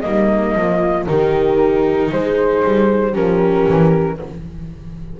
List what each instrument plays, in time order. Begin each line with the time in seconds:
0.00 double bass G3, viola A#3, horn D#4, flute D#5
0.55 double bass F3, horn F4
1.06 double bass D#3, viola D#4, horn G4, flute A#4
2.11 double bass G#3, horn G#4, flute C5
2.64 double bass G3
3.12 double bass F3, viola C#4, horn G4, flute A#4
3.68 double bass E3